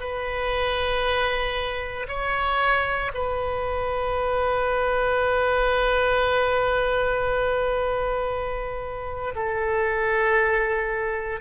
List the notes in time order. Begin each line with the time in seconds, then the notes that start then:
0.00 B4
2.08 C#5
3.14 B4
9.36 A4